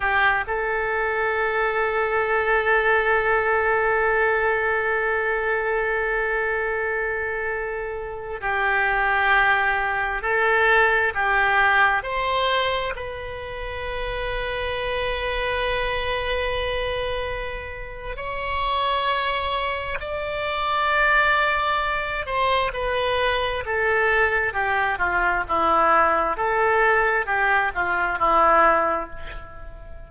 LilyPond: \new Staff \with { instrumentName = "oboe" } { \time 4/4 \tempo 4 = 66 g'8 a'2.~ a'8~ | a'1~ | a'4~ a'16 g'2 a'8.~ | a'16 g'4 c''4 b'4.~ b'16~ |
b'1 | cis''2 d''2~ | d''8 c''8 b'4 a'4 g'8 f'8 | e'4 a'4 g'8 f'8 e'4 | }